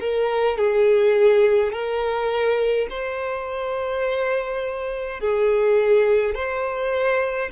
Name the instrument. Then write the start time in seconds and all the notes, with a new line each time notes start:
violin
0.00 A#4
0.58 G#4
1.72 A#4
2.90 C5
5.20 G#4
6.35 C5